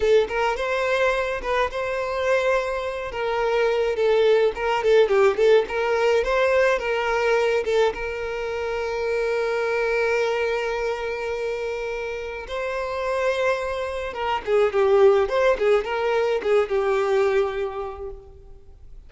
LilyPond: \new Staff \with { instrumentName = "violin" } { \time 4/4 \tempo 4 = 106 a'8 ais'8 c''4. b'8 c''4~ | c''4. ais'4. a'4 | ais'8 a'8 g'8 a'8 ais'4 c''4 | ais'4. a'8 ais'2~ |
ais'1~ | ais'2 c''2~ | c''4 ais'8 gis'8 g'4 c''8 gis'8 | ais'4 gis'8 g'2~ g'8 | }